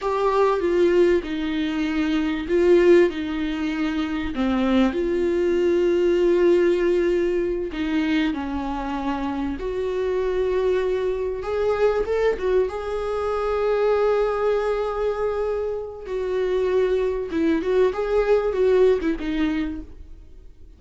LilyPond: \new Staff \with { instrumentName = "viola" } { \time 4/4 \tempo 4 = 97 g'4 f'4 dis'2 | f'4 dis'2 c'4 | f'1~ | f'8 dis'4 cis'2 fis'8~ |
fis'2~ fis'8 gis'4 a'8 | fis'8 gis'2.~ gis'8~ | gis'2 fis'2 | e'8 fis'8 gis'4 fis'8. e'16 dis'4 | }